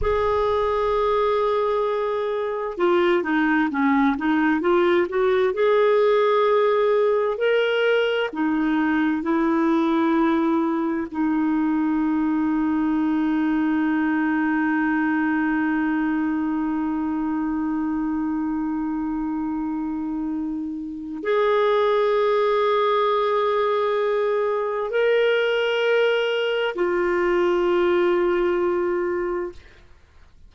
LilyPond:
\new Staff \with { instrumentName = "clarinet" } { \time 4/4 \tempo 4 = 65 gis'2. f'8 dis'8 | cis'8 dis'8 f'8 fis'8 gis'2 | ais'4 dis'4 e'2 | dis'1~ |
dis'1~ | dis'2. gis'4~ | gis'2. ais'4~ | ais'4 f'2. | }